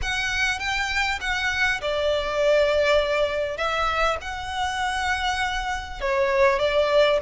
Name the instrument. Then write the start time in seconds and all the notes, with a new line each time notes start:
violin
0.01 F#5
0.59 G5
1.20 F#5
1.81 D5
3.57 E5
4.21 F#5
6.00 C#5
6.59 D5